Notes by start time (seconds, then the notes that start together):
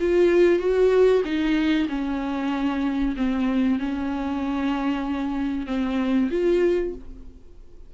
0.00 F4
0.59 F#4
1.25 D#4
1.89 C#4
3.16 C4
3.79 C#4
5.66 C4
6.30 F4